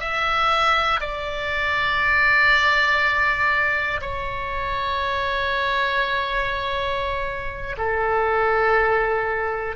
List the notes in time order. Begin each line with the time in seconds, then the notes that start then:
0.00 E5
1.00 D5
4.01 C#5
7.77 A4